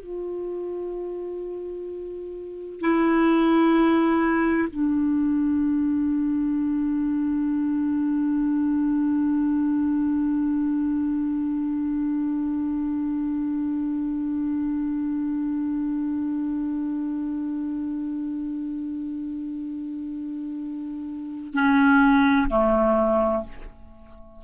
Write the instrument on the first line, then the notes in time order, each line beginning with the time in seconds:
clarinet
0.00 F4
2.81 E4
4.70 D4
21.55 C#4
22.50 A3